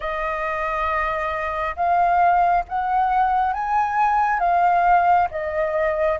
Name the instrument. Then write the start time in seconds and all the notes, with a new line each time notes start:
flute
0.00 D#5
1.76 F5
2.68 F#5
3.53 G#5
4.39 F5
5.31 D#5